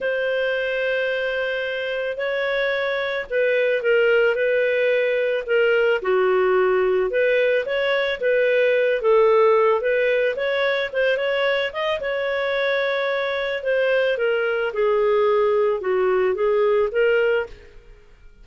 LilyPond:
\new Staff \with { instrumentName = "clarinet" } { \time 4/4 \tempo 4 = 110 c''1 | cis''2 b'4 ais'4 | b'2 ais'4 fis'4~ | fis'4 b'4 cis''4 b'4~ |
b'8 a'4. b'4 cis''4 | c''8 cis''4 dis''8 cis''2~ | cis''4 c''4 ais'4 gis'4~ | gis'4 fis'4 gis'4 ais'4 | }